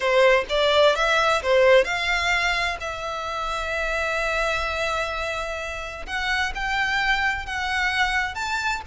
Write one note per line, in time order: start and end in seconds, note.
0.00 0.44 C5
0.49 0.95 D5
0.95 1.42 E5
1.42 1.84 C5
1.84 2.77 F5
2.80 6.05 E5
6.06 6.52 F#5
6.54 7.45 G5
7.45 8.34 F#5
8.34 8.81 A5